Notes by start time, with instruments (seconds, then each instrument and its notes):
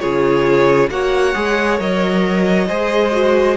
0.00 cello C#3, viola F4, violin G#4 C#5
0.90 cello A#3, viola F#4, violin C#5 F#5
1.34 cello G#3, viola G#4
1.78 cello F#3, viola A#4, violin D#5
2.68 cello G#3, viola G#4, violin C5
3.12 viola F#4